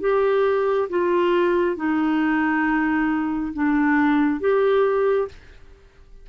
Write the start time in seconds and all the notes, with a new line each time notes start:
0.00 G4
0.89 F4
1.76 D#4
3.53 D4
4.40 G4